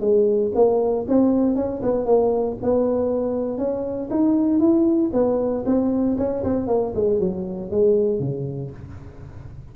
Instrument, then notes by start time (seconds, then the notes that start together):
tuba
0.00 G#3
0.55 A#3
1.08 C4
1.55 C#4
1.82 B3
2.05 A#3
2.62 B3
3.58 C#4
4.10 D#4
4.59 E4
5.13 B3
5.65 C4
6.17 C#4
6.43 C4
6.67 A#3
6.95 G#3
7.19 F#3
7.70 G#3
8.19 C#3